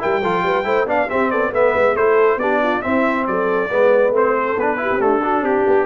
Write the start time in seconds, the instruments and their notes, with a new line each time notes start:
0.00 tuba G3, trombone E4, horn A#4, trumpet G5
0.23 tuba F3, trombone F4, horn A4
0.43 tuba G3, horn B4
0.65 tuba A3, trombone E4, horn C5
0.86 tuba B3, trombone D4, horn D5, trumpet F5
1.10 trombone C4, tuba C4, horn G4, trumpet E5
1.31 tuba B3, horn A4, trumpet D5
1.51 tuba A3, trombone B3, horn B4, trumpet E5
1.75 tuba G#3
1.95 tuba A3, trombone E4, horn A4, trumpet C5
2.37 tuba B3, trombone D4, horn G4, trumpet D5
2.63 horn F4
2.82 trombone C4, tuba C4, horn E4, trumpet E5
3.27 tuba F#3, horn A4, trumpet D5
3.70 tuba G#3, trombone B3, horn B4
4.11 tuba A3, trombone C4, trumpet C5
4.36 horn A4
4.57 tuba B3, trombone D4, trumpet B4
4.78 trombone E4, horn G4
4.92 tuba C4
5.00 trombone A3, tuba D4, trumpet A4
5.23 trombone D4, horn F#4
5.42 tuba C4, trumpet G4, horn G4
5.67 tuba B3